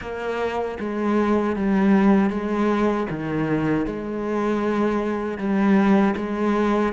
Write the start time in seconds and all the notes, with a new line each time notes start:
0.01 A#3
0.79 G#3
1.56 G3
2.29 G#3
3.10 D#3
3.86 G#3
5.38 G3
6.16 G#3